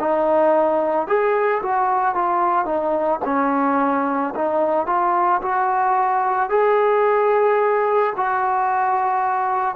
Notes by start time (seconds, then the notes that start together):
0.00 D#4
1.08 G#4
1.63 F#4
2.15 F4
2.66 D#4
3.25 C#4
4.36 D#4
4.87 F4
5.42 F#4
6.50 G#4
8.17 F#4